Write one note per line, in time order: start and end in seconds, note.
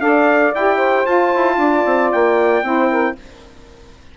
0.00 0.53 D4
0.00 0.53 A4
0.00 0.76 D5
0.00 0.53 F5
0.55 1.06 E4
0.55 1.05 G4
0.55 1.06 G5
0.76 1.55 C5
1.05 2.63 F4
1.05 1.32 F4
1.05 2.11 A5
1.35 1.57 E4
1.57 1.83 D4
1.57 2.64 D5
1.86 2.12 C4
2.12 2.63 A#3
2.12 3.17 G5
2.63 3.15 C4
2.63 3.16 E4
2.63 2.89 C5
2.89 3.15 A#4